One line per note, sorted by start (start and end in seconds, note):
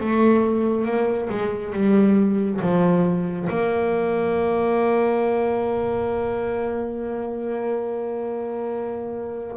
0.00 0.85 A3
0.85 1.28 A#3
1.29 1.73 G#3
1.73 2.60 G3
2.61 3.48 F3
3.49 9.57 A#3